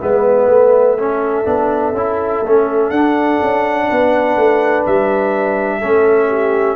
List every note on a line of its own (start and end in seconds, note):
0.00 0.48 G#3
0.00 0.98 B3
0.00 0.97 B4
0.00 2.91 E5
0.48 1.44 A3
0.97 1.45 C#4
0.97 3.87 A4
1.45 1.93 B3
1.45 1.94 D4
1.93 2.41 C#4
1.93 2.46 E4
2.42 2.91 A3
2.42 2.94 C#4
2.91 3.39 D4
2.91 5.82 D4
2.91 4.84 F#5
3.42 3.91 C#4
3.89 4.37 B3
3.89 5.79 B4
4.37 4.85 A3
4.86 5.83 G3
4.86 6.76 E5
5.79 6.76 A3
5.79 6.76 C#4
5.79 6.27 A4
6.28 6.76 G4